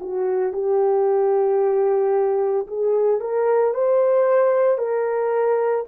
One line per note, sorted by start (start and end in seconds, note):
0.00 0.53 F#4
0.53 2.67 G4
2.67 3.20 G#4
3.20 3.74 A#4
3.74 4.78 C5
4.78 5.85 A#4